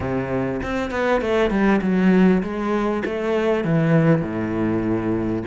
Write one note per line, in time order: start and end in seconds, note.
0.00 0.61 C3
0.62 0.91 C4
0.91 1.21 B3
1.21 1.50 A3
1.50 1.80 G3
1.81 2.42 F#3
2.42 3.03 G#3
3.05 3.64 A3
3.64 4.21 E3
4.21 5.42 A2